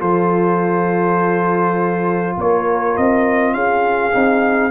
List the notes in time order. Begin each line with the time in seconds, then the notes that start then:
0.00 F3 F4 A4 C5
2.37 A#3 A#4 C#5
2.97 C4 D#5
3.54 C#4 G#4 F5
4.14 C4 D#4